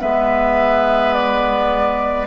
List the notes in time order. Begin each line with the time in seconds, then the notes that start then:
0.00 G#3 B3 B4 E5
1.14 D5